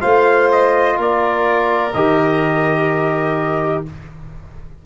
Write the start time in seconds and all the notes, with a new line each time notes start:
0.00 A3 F4 C5 F5
0.51 D#5
0.96 A#3 A#4 D5
1.93 D#3 G4 D#5